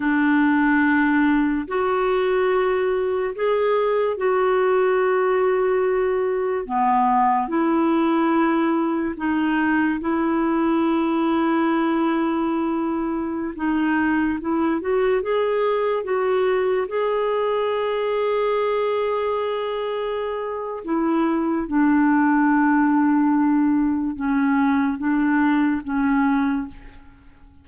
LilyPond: \new Staff \with { instrumentName = "clarinet" } { \time 4/4 \tempo 4 = 72 d'2 fis'2 | gis'4 fis'2. | b4 e'2 dis'4 | e'1~ |
e'16 dis'4 e'8 fis'8 gis'4 fis'8.~ | fis'16 gis'2.~ gis'8.~ | gis'4 e'4 d'2~ | d'4 cis'4 d'4 cis'4 | }